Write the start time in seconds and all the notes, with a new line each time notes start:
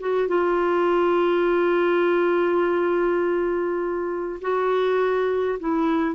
0.00 F#4
0.28 F4
4.41 F#4
5.59 E4